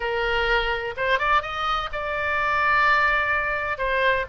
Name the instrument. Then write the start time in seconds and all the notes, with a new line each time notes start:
oboe
0.00 A#4
0.96 C5
1.18 D5
1.42 D#5
1.92 D5
3.78 C5